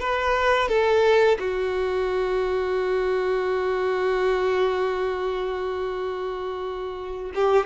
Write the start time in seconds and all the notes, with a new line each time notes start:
0.00 B4
0.68 A4
1.39 F#4
7.35 G4